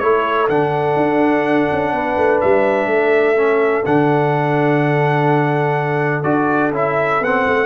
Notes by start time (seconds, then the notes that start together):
0.00 A3 E4 A4 C#5
0.49 D3 D4 F#5
0.97 D4
1.72 C#4
1.93 B3 B4
2.18 A3
2.41 G3 E5
2.87 A3
2.93 A4
3.37 C#4
3.86 D3 D4 F#5
6.24 D4 F#4 D5
6.72 C#4 E4 E5
7.21 B3 C4 F#5
7.47 A3